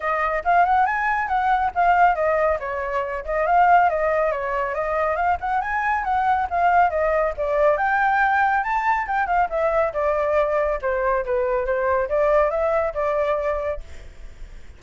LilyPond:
\new Staff \with { instrumentName = "flute" } { \time 4/4 \tempo 4 = 139 dis''4 f''8 fis''8 gis''4 fis''4 | f''4 dis''4 cis''4. dis''8 | f''4 dis''4 cis''4 dis''4 | f''8 fis''8 gis''4 fis''4 f''4 |
dis''4 d''4 g''2 | a''4 g''8 f''8 e''4 d''4~ | d''4 c''4 b'4 c''4 | d''4 e''4 d''2 | }